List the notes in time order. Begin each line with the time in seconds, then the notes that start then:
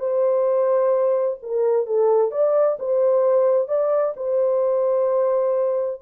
0.00 C5
1.43 A#4
1.87 A4
2.32 D5
2.79 C5
3.68 D5
4.17 C5